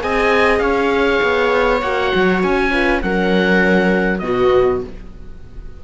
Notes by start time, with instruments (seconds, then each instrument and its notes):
0.00 cello C4, horn G#4, viola D#5, oboe G#5
0.59 cello C#4, viola C#5, oboe F5
1.22 cello B3
1.81 cello A#3, horn F#4, oboe F#5
2.15 cello F#3
2.43 cello C#4, oboe G#5
2.71 horn F4, viola B4
3.02 cello F#3, horn C#4, viola A#4, oboe F#5
4.19 cello B2, horn B3, viola F#4, oboe D#5